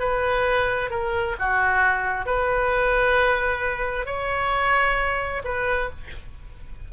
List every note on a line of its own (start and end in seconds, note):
0.00 0.91 B4
0.91 1.36 A#4
1.39 2.26 F#4
2.26 4.06 B4
4.06 5.43 C#5
5.45 5.90 B4